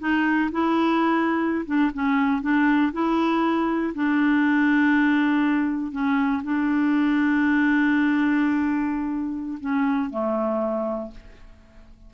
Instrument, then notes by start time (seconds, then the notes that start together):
clarinet
0.00 D#4
0.52 E4
1.66 D4
1.94 C#4
2.42 D4
2.93 E4
3.94 D4
5.92 C#4
6.43 D4
9.60 C#4
10.10 A3